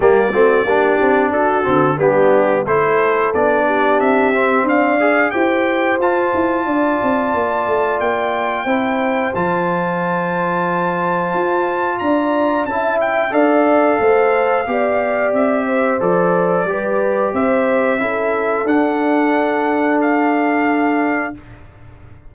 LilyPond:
<<
  \new Staff \with { instrumentName = "trumpet" } { \time 4/4 \tempo 4 = 90 d''2 a'4 g'4 | c''4 d''4 e''4 f''4 | g''4 a''2. | g''2 a''2~ |
a''2 ais''4 a''8 g''8 | f''2. e''4 | d''2 e''2 | fis''2 f''2 | }
  \new Staff \with { instrumentName = "horn" } { \time 4/4 g'8 fis'8 g'4 fis'4 d'4 | a'4. g'4. d''4 | c''2 d''2~ | d''4 c''2.~ |
c''2 d''4 e''4 | d''4 c''4 d''4. c''8~ | c''4 b'4 c''4 a'4~ | a'1 | }
  \new Staff \with { instrumentName = "trombone" } { \time 4/4 ais8 c'8 d'4. c'8 b4 | e'4 d'4. c'4 gis'8 | g'4 f'2.~ | f'4 e'4 f'2~ |
f'2. e'4 | a'2 g'2 | a'4 g'2 e'4 | d'1 | }
  \new Staff \with { instrumentName = "tuba" } { \time 4/4 g8 a8 ais8 c'8 d'8 d8 g4 | a4 b4 c'4 d'4 | e'4 f'8 e'8 d'8 c'8 ais8 a8 | ais4 c'4 f2~ |
f4 f'4 d'4 cis'4 | d'4 a4 b4 c'4 | f4 g4 c'4 cis'4 | d'1 | }
>>